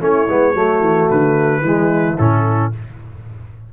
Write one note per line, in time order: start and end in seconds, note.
0.00 0.27 A3
0.00 0.27 C#4
0.00 0.54 E4
0.00 1.09 C#5
0.28 0.54 G#3
0.28 0.54 B3
0.54 0.80 F#3
0.54 1.62 A3
0.54 1.62 F#4
0.80 1.07 E3
1.09 1.60 D3
1.09 2.17 B4
1.60 2.15 E3
1.60 2.17 G#3
1.60 2.72 E4
2.17 2.73 A2
2.17 2.72 C#4
2.17 2.71 A4